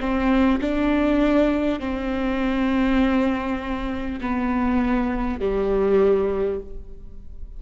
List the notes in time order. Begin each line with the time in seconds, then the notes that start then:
0.00 C4
0.61 D4
1.79 C4
4.21 B3
5.41 G3